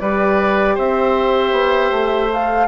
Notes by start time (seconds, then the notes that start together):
0.00 G3 G4 B4 D5
0.75 C4 C5 E5
1.53 B3
1.92 A3
2.33 A4 F5